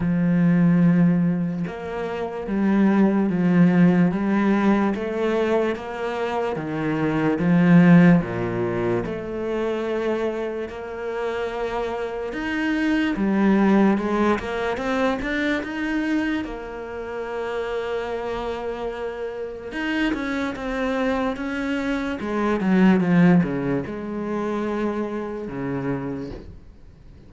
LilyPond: \new Staff \with { instrumentName = "cello" } { \time 4/4 \tempo 4 = 73 f2 ais4 g4 | f4 g4 a4 ais4 | dis4 f4 ais,4 a4~ | a4 ais2 dis'4 |
g4 gis8 ais8 c'8 d'8 dis'4 | ais1 | dis'8 cis'8 c'4 cis'4 gis8 fis8 | f8 cis8 gis2 cis4 | }